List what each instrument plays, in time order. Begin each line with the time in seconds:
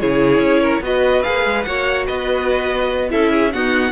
0.00 cello C#3, viola E4, violin G#4 C#5
0.39 cello C#4
0.62 violin A#4
0.81 cello B3, viola F#4, violin B4 D#5
1.23 cello A#3, viola G#4, violin F5
1.45 cello G#3
1.64 cello A#3, viola F#4, violin C#5 F#5
2.06 cello B3, violin B4 D#5
3.10 cello C#4, viola E4, violin A4 E5
3.32 violin G#4
3.53 viola B3, cello D#4, violin F#4 F#5